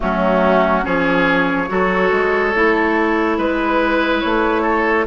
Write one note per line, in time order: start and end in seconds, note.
0.00 0.85 F#3
0.00 0.83 A3
0.00 0.85 C#4
0.00 0.85 F#4
0.83 1.69 F3
0.83 1.67 C#4
0.83 1.69 G#4
0.83 3.39 C#5
1.67 2.11 F#3
1.67 2.52 F#4
1.67 3.37 A4
2.11 2.54 G#3
2.54 3.37 A3
2.54 5.06 E4
3.37 4.22 G#3
3.37 4.62 B4
3.37 4.21 B4
4.21 5.06 A3
4.21 5.05 C#5
4.62 5.04 A4